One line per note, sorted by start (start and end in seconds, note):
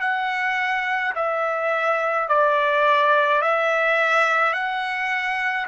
0.00 1.13 F#5
1.15 2.28 E5
2.28 3.41 D5
3.41 4.53 E5
4.53 5.66 F#5